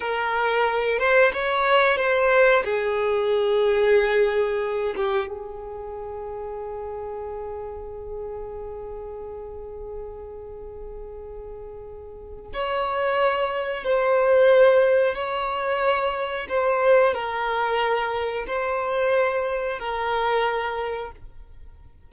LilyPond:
\new Staff \with { instrumentName = "violin" } { \time 4/4 \tempo 4 = 91 ais'4. c''8 cis''4 c''4 | gis'2.~ gis'8 g'8 | gis'1~ | gis'1~ |
gis'2. cis''4~ | cis''4 c''2 cis''4~ | cis''4 c''4 ais'2 | c''2 ais'2 | }